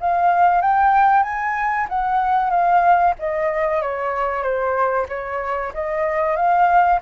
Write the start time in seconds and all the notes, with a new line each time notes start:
0.00 F5
0.62 G5
1.23 G#5
1.89 F#5
2.50 F5
3.19 D#5
3.82 C#5
4.42 C5
5.08 C#5
5.74 D#5
6.36 F5